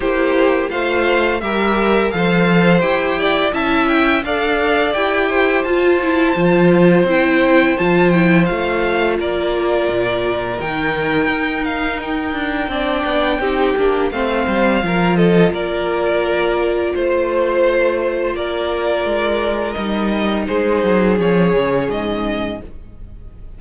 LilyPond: <<
  \new Staff \with { instrumentName = "violin" } { \time 4/4 \tempo 4 = 85 c''4 f''4 e''4 f''4 | g''4 a''8 g''8 f''4 g''4 | a''2 g''4 a''8 g''8 | f''4 d''2 g''4~ |
g''8 f''8 g''2. | f''4. dis''8 d''2 | c''2 d''2 | dis''4 c''4 cis''4 dis''4 | }
  \new Staff \with { instrumentName = "violin" } { \time 4/4 g'4 c''4 ais'4 c''4~ | c''8 d''8 e''4 d''4. c''8~ | c''1~ | c''4 ais'2.~ |
ais'2 d''4 g'4 | c''4 ais'8 a'8 ais'2 | c''2 ais'2~ | ais'4 gis'2. | }
  \new Staff \with { instrumentName = "viola" } { \time 4/4 e'4 f'4 g'4 a'4 | g'4 e'4 a'4 g'4 | f'8 e'8 f'4 e'4 f'8 e'8 | f'2. dis'4~ |
dis'2 d'4 dis'8 d'8 | c'4 f'2.~ | f'1 | dis'2 cis'2 | }
  \new Staff \with { instrumentName = "cello" } { \time 4/4 ais4 a4 g4 f4 | e'4 cis'4 d'4 e'4 | f'4 f4 c'4 f4 | a4 ais4 ais,4 dis4 |
dis'4. d'8 c'8 b8 c'8 ais8 | a8 g8 f4 ais2 | a2 ais4 gis4 | g4 gis8 fis8 f8 cis8 gis,4 | }
>>